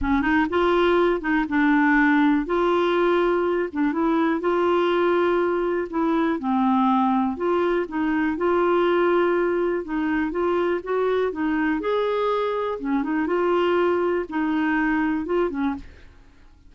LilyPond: \new Staff \with { instrumentName = "clarinet" } { \time 4/4 \tempo 4 = 122 cis'8 dis'8 f'4. dis'8 d'4~ | d'4 f'2~ f'8 d'8 | e'4 f'2. | e'4 c'2 f'4 |
dis'4 f'2. | dis'4 f'4 fis'4 dis'4 | gis'2 cis'8 dis'8 f'4~ | f'4 dis'2 f'8 cis'8 | }